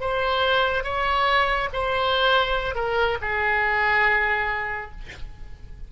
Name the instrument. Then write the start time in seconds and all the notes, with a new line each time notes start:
oboe
0.00 C5
0.84 C#5
1.73 C5
2.75 A#4
3.21 G#4